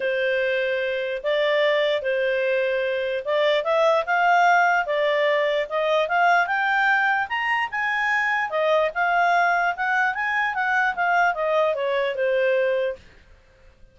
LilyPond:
\new Staff \with { instrumentName = "clarinet" } { \time 4/4 \tempo 4 = 148 c''2. d''4~ | d''4 c''2. | d''4 e''4 f''2 | d''2 dis''4 f''4 |
g''2 ais''4 gis''4~ | gis''4 dis''4 f''2 | fis''4 gis''4 fis''4 f''4 | dis''4 cis''4 c''2 | }